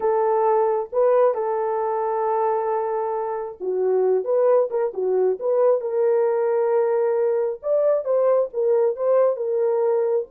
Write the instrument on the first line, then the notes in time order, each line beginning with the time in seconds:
horn
0.00 A4
0.92 B4
1.34 A4
3.60 F#4
4.24 B4
4.70 A#4
4.93 F#4
5.39 B4
5.81 A#4
7.62 D5
8.04 C5
8.53 A#4
8.96 C5
9.36 A#4